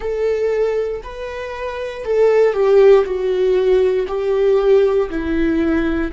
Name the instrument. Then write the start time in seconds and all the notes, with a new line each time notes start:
viola
0.00 A4
1.03 B4
2.04 A4
2.53 G4
3.05 F#4
4.07 G4
5.09 E4